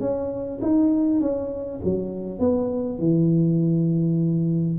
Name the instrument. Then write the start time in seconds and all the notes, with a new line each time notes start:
tuba
0.00 C#4
0.61 D#4
1.20 C#4
1.84 F#3
2.39 B3
2.99 E3